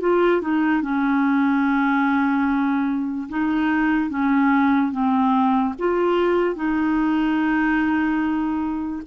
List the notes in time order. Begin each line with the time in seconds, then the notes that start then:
0.00 F4
0.41 D#4
0.81 C#4
3.28 D#4
4.09 C#4
4.91 C4
5.78 F4
6.55 D#4